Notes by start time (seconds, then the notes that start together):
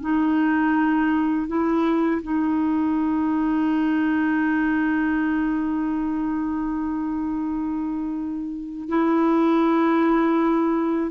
0.00 D#4
1.47 E4
2.22 D#4
8.89 E4